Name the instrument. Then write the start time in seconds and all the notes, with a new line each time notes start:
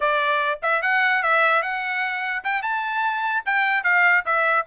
trumpet
0.00 D5
0.62 E5
0.82 F#5
1.23 E5
1.62 F#5
2.43 G5
2.62 A5
3.45 G5
3.83 F5
4.25 E5